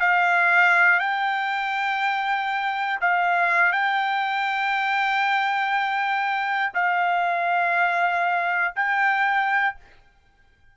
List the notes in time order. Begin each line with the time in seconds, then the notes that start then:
0.00 F5
1.00 G5
3.01 F5
3.73 G5
6.75 F5
8.76 G5